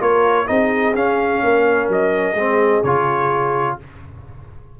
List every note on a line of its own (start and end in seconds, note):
0.00 0.48 A#3
0.00 0.46 F4
0.00 0.48 A#4
0.00 0.47 C#5
0.46 0.95 C4
0.46 0.93 D#4
0.46 1.44 G#4
0.46 0.94 D#5
0.95 1.42 C#4
0.95 2.36 C#4
0.95 1.89 F5
1.43 1.88 A#3
1.43 2.37 A#4
1.88 2.34 F#3
1.88 2.83 D#5
2.34 2.81 G#3
2.34 2.84 C4
2.34 3.78 G#4
2.83 3.77 C#3
2.83 3.80 F4
2.83 3.77 C#5